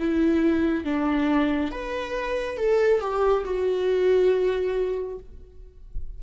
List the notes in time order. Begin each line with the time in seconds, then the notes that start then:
0.00 E4
0.85 D4
1.72 B4
2.58 A4
3.01 G4
3.45 F#4